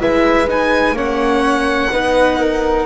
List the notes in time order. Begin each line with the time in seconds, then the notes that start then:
0.00 G#3 E4 B4 E5
0.48 D#4 G#5
0.93 A#3 C#4 C#5 F#5
1.91 B3 D#4 B4
2.39 A#4